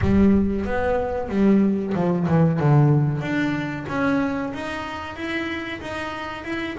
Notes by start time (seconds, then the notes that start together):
0.01 G3
0.65 B3
1.28 G3
1.94 F3
2.27 E3
2.59 D3
3.21 D4
3.88 C#4
4.53 D#4
5.16 E4
5.81 D#4
6.44 E4